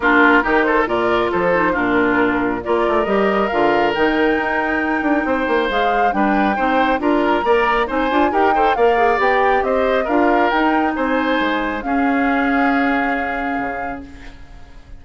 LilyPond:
<<
  \new Staff \with { instrumentName = "flute" } { \time 4/4 \tempo 4 = 137 ais'4. c''8 d''4 c''4 | ais'2 d''4 dis''4 | f''4 g''2.~ | g''4 f''4 g''2 |
ais''2 gis''4 g''4 | f''4 g''4 dis''4 f''4 | g''4 gis''2 f''4~ | f''1 | }
  \new Staff \with { instrumentName = "oboe" } { \time 4/4 f'4 g'8 a'8 ais'4 a'4 | f'2 ais'2~ | ais'1 | c''2 b'4 c''4 |
ais'4 d''4 c''4 ais'8 c''8 | d''2 c''4 ais'4~ | ais'4 c''2 gis'4~ | gis'1 | }
  \new Staff \with { instrumentName = "clarinet" } { \time 4/4 d'4 dis'4 f'4. dis'8 | d'2 f'4 g'4 | f'4 dis'2.~ | dis'4 gis'4 d'4 dis'4 |
f'4 ais'4 dis'8 f'8 g'8 a'8 | ais'8 gis'8 g'2 f'4 | dis'2. cis'4~ | cis'1 | }
  \new Staff \with { instrumentName = "bassoon" } { \time 4/4 ais4 dis4 ais,4 f4 | ais,2 ais8 a8 g4 | d4 dis4 dis'4. d'8 | c'8 ais8 gis4 g4 c'4 |
d'4 ais4 c'8 d'8 dis'4 | ais4 b4 c'4 d'4 | dis'4 c'4 gis4 cis'4~ | cis'2. cis4 | }
>>